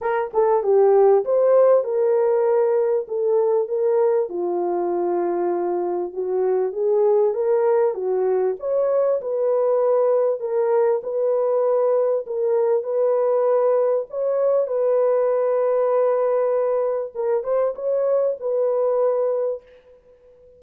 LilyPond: \new Staff \with { instrumentName = "horn" } { \time 4/4 \tempo 4 = 98 ais'8 a'8 g'4 c''4 ais'4~ | ais'4 a'4 ais'4 f'4~ | f'2 fis'4 gis'4 | ais'4 fis'4 cis''4 b'4~ |
b'4 ais'4 b'2 | ais'4 b'2 cis''4 | b'1 | ais'8 c''8 cis''4 b'2 | }